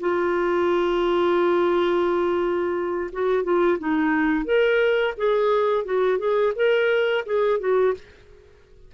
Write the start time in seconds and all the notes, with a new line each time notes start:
0.00 F4
3.12 F#4
3.44 F4
3.79 D#4
4.45 A#4
5.17 G#4
5.85 F#4
6.18 G#4
6.56 A#4
7.26 G#4
7.60 F#4